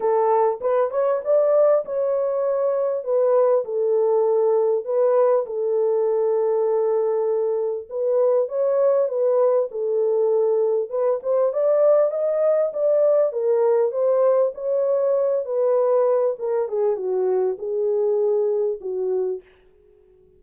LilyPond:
\new Staff \with { instrumentName = "horn" } { \time 4/4 \tempo 4 = 99 a'4 b'8 cis''8 d''4 cis''4~ | cis''4 b'4 a'2 | b'4 a'2.~ | a'4 b'4 cis''4 b'4 |
a'2 b'8 c''8 d''4 | dis''4 d''4 ais'4 c''4 | cis''4. b'4. ais'8 gis'8 | fis'4 gis'2 fis'4 | }